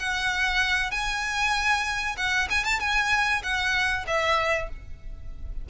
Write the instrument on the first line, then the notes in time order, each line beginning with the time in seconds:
violin
0.00 F#5
0.91 G#5
2.18 F#5
2.51 G#5
2.64 A5
2.80 G#5
3.43 F#5
4.07 E5